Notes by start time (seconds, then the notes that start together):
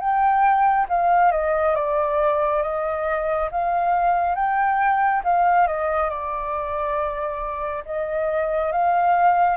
0.00 G5
0.89 F5
1.32 D#5
1.75 D5
2.62 D#5
3.51 F5
4.36 G5
5.24 F5
5.67 D#5
6.10 D5
7.85 D#5
8.72 F5